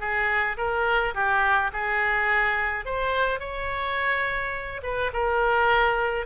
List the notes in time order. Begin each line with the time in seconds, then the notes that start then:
0.00 G#4
0.57 A#4
1.14 G4
1.72 G#4
2.85 C5
3.40 C#5
4.83 B4
5.13 A#4